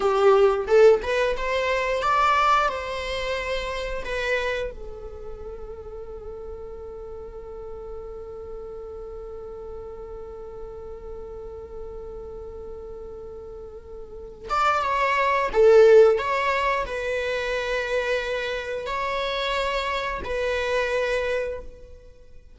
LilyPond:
\new Staff \with { instrumentName = "viola" } { \time 4/4 \tempo 4 = 89 g'4 a'8 b'8 c''4 d''4 | c''2 b'4 a'4~ | a'1~ | a'1~ |
a'1~ | a'4. d''8 cis''4 a'4 | cis''4 b'2. | cis''2 b'2 | }